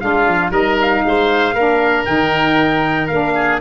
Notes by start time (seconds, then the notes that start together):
0.00 G#3 D4 F4 F5
0.27 F3
0.50 G3 D#4 A#4 D#5
0.81 F5
1.05 G#3 C5
1.53 A#3 D4 A#4
2.05 D#3 D#4 G5
3.07 A#3 D4 F5
3.35 G#4